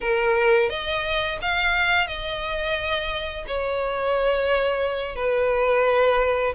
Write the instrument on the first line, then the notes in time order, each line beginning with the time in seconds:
violin
0.01 A#4
0.69 D#5
1.41 F5
2.07 D#5
3.47 C#5
5.15 B4